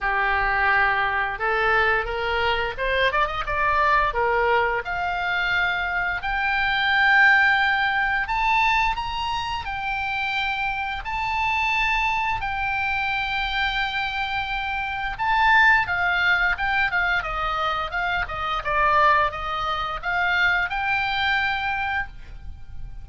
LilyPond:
\new Staff \with { instrumentName = "oboe" } { \time 4/4 \tempo 4 = 87 g'2 a'4 ais'4 | c''8 d''16 dis''16 d''4 ais'4 f''4~ | f''4 g''2. | a''4 ais''4 g''2 |
a''2 g''2~ | g''2 a''4 f''4 | g''8 f''8 dis''4 f''8 dis''8 d''4 | dis''4 f''4 g''2 | }